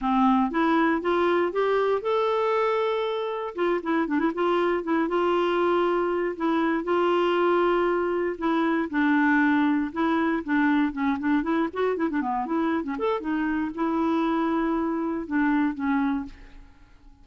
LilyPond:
\new Staff \with { instrumentName = "clarinet" } { \time 4/4 \tempo 4 = 118 c'4 e'4 f'4 g'4 | a'2. f'8 e'8 | d'16 e'16 f'4 e'8 f'2~ | f'8 e'4 f'2~ f'8~ |
f'8 e'4 d'2 e'8~ | e'8 d'4 cis'8 d'8 e'8 fis'8 e'16 d'16 | b8 e'8. cis'16 a'8 dis'4 e'4~ | e'2 d'4 cis'4 | }